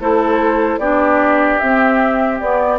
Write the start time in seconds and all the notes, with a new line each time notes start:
0.00 A3 E4 A4 C5
0.79 B3 D4 G4 D5
1.59 C4 E5
2.40 B3 D5